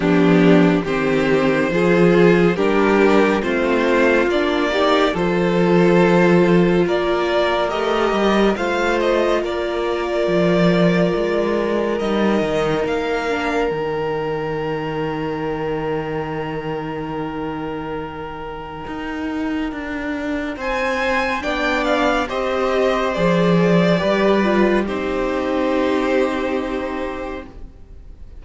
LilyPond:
<<
  \new Staff \with { instrumentName = "violin" } { \time 4/4 \tempo 4 = 70 g'4 c''2 ais'4 | c''4 d''4 c''2 | d''4 dis''4 f''8 dis''8 d''4~ | d''2 dis''4 f''4 |
g''1~ | g''1 | gis''4 g''8 f''8 dis''4 d''4~ | d''4 c''2. | }
  \new Staff \with { instrumentName = "violin" } { \time 4/4 d'4 g'4 gis'4 g'4 | f'4. g'8 a'2 | ais'2 c''4 ais'4~ | ais'1~ |
ais'1~ | ais'1 | c''4 d''4 c''2 | b'4 g'2. | }
  \new Staff \with { instrumentName = "viola" } { \time 4/4 b4 c'4 f'4 d'4 | c'4 d'8 dis'8 f'2~ | f'4 g'4 f'2~ | f'2 dis'4. d'8 |
dis'1~ | dis'1~ | dis'4 d'4 g'4 gis'4 | g'8 f'8 dis'2. | }
  \new Staff \with { instrumentName = "cello" } { \time 4/4 f4 dis4 f4 g4 | a4 ais4 f2 | ais4 a8 g8 a4 ais4 | f4 gis4 g8 dis8 ais4 |
dis1~ | dis2 dis'4 d'4 | c'4 b4 c'4 f4 | g4 c'2. | }
>>